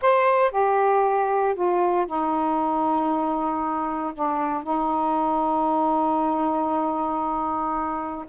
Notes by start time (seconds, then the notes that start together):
0.01 C5
0.51 G4
1.54 F4
2.06 D#4
4.14 D4
4.63 D#4